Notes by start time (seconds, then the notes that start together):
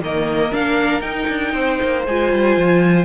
0.00 D#3 A#3 A#4 D#5
0.52 A#3 D4 F5
1.01 D#4 G5
1.28 D4
1.53 C4 C5
1.82 A#3
2.06 G#3 F4 G#5
2.32 G3
2.56 F3